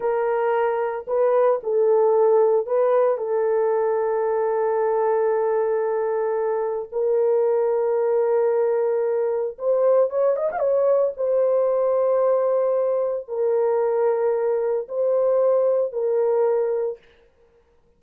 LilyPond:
\new Staff \with { instrumentName = "horn" } { \time 4/4 \tempo 4 = 113 ais'2 b'4 a'4~ | a'4 b'4 a'2~ | a'1~ | a'4 ais'2.~ |
ais'2 c''4 cis''8 dis''16 f''16 | cis''4 c''2.~ | c''4 ais'2. | c''2 ais'2 | }